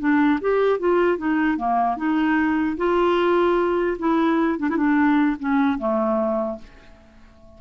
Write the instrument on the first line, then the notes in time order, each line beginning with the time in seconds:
clarinet
0.00 D4
0.41 G4
0.79 F4
1.18 D#4
1.57 A#3
1.97 D#4
2.77 F4
3.99 E4
4.59 D4
4.70 E4
4.77 D4
5.40 C#4
5.79 A3